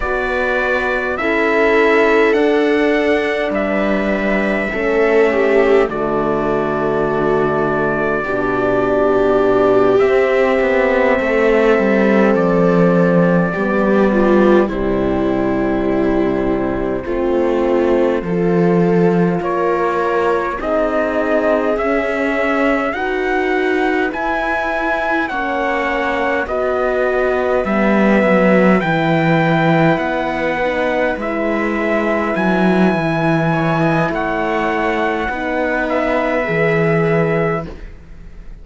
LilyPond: <<
  \new Staff \with { instrumentName = "trumpet" } { \time 4/4 \tempo 4 = 51 d''4 e''4 fis''4 e''4~ | e''4 d''2.~ | d''8 e''2 d''4.~ | d''8 c''2.~ c''8~ |
c''8 cis''4 dis''4 e''4 fis''8~ | fis''8 gis''4 fis''4 dis''4 e''8~ | e''8 g''4 fis''4 e''4 gis''8~ | gis''4 fis''4. e''4. | }
  \new Staff \with { instrumentName = "viola" } { \time 4/4 b'4 a'2 b'4 | a'8 g'8 fis'2 g'4~ | g'4. a'2 g'8 | f'8 e'2 f'4 a'8~ |
a'8 ais'4 gis'2 b'8~ | b'4. cis''4 b'4.~ | b'1~ | b'8 cis''16 dis''16 cis''4 b'2 | }
  \new Staff \with { instrumentName = "horn" } { \time 4/4 fis'4 e'4 d'2 | cis'4 a2 d'4~ | d'8 c'2. b8~ | b8 g2 c'4 f'8~ |
f'4. dis'4 cis'4 fis'8~ | fis'8 e'4 cis'4 fis'4 b8~ | b8 e'4. dis'8 e'4.~ | e'2 dis'4 gis'4 | }
  \new Staff \with { instrumentName = "cello" } { \time 4/4 b4 cis'4 d'4 g4 | a4 d2 b,4~ | b,8 c'8 b8 a8 g8 f4 g8~ | g8 c2 a4 f8~ |
f8 ais4 c'4 cis'4 dis'8~ | dis'8 e'4 ais4 b4 g8 | fis8 e4 b4 gis4 fis8 | e4 a4 b4 e4 | }
>>